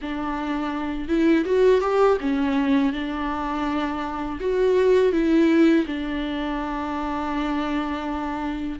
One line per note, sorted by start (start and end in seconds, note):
0.01 1.08 D4
1.08 1.45 E4
1.45 1.81 F#4
1.81 2.17 G4
2.20 2.92 C#4
2.92 4.39 D4
4.39 5.12 F#4
5.12 5.85 E4
5.86 8.79 D4